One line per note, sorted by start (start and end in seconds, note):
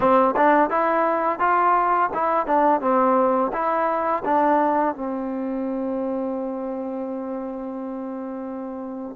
0.00 0.35 C4
0.36 0.70 D4
0.70 1.39 E4
1.39 2.10 F4
2.13 2.46 E4
2.46 2.80 D4
2.80 3.51 C4
3.52 4.23 E4
4.24 4.94 D4
4.94 9.16 C4